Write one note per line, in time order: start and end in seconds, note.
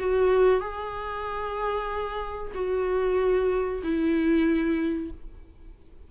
0.00 0.61 F#4
0.61 2.53 G#4
2.55 3.82 F#4
3.84 5.11 E4